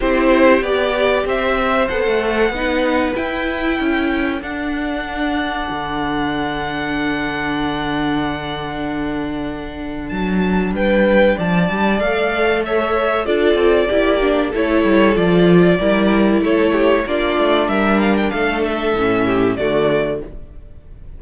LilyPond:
<<
  \new Staff \with { instrumentName = "violin" } { \time 4/4 \tempo 4 = 95 c''4 d''4 e''4 fis''4~ | fis''4 g''2 fis''4~ | fis''1~ | fis''1 |
a''4 g''4 a''4 f''4 | e''4 d''2 cis''4 | d''2 cis''4 d''4 | e''8 f''16 g''16 f''8 e''4. d''4 | }
  \new Staff \with { instrumentName = "violin" } { \time 4/4 g'2 c''2 | b'2 a'2~ | a'1~ | a'1~ |
a'4 b'4 d''2 | cis''4 a'4 g'4 a'4~ | a'4 ais'4 a'8 g'8 f'4 | ais'4 a'4. g'8 fis'4 | }
  \new Staff \with { instrumentName = "viola" } { \time 4/4 e'4 g'2 a'4 | dis'4 e'2 d'4~ | d'1~ | d'1~ |
d'2. a'4~ | a'4 f'4 e'8 d'8 e'4 | f'4 e'2 d'4~ | d'2 cis'4 a4 | }
  \new Staff \with { instrumentName = "cello" } { \time 4/4 c'4 b4 c'4 b16 a8. | b4 e'4 cis'4 d'4~ | d'4 d2.~ | d1 |
fis4 g4 f8 g8 a4~ | a4 d'8 c'8 ais4 a8 g8 | f4 g4 a4 ais8 a8 | g4 a4 a,4 d4 | }
>>